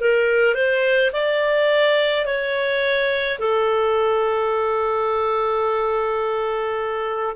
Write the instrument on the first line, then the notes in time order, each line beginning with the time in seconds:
clarinet
0.00 A#4
0.55 C5
1.13 D5
2.25 C#5
3.39 A4